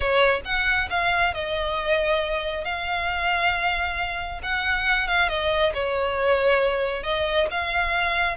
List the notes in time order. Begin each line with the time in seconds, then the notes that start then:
0.00 C#5
0.44 F#5
0.90 F5
1.34 D#5
2.64 F5
4.42 F#5
5.07 F5
5.28 D#5
5.74 C#5
7.03 D#5
7.50 F5